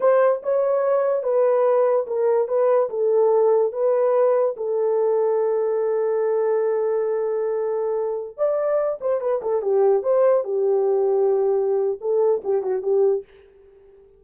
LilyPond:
\new Staff \with { instrumentName = "horn" } { \time 4/4 \tempo 4 = 145 c''4 cis''2 b'4~ | b'4 ais'4 b'4 a'4~ | a'4 b'2 a'4~ | a'1~ |
a'1~ | a'16 d''4. c''8 b'8 a'8 g'8.~ | g'16 c''4 g'2~ g'8.~ | g'4 a'4 g'8 fis'8 g'4 | }